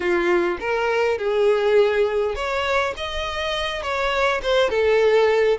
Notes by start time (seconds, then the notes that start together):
0.00 F4
0.59 A#4
1.17 G#4
2.35 C#5
2.97 D#5
3.82 C#5
4.42 C5
4.69 A4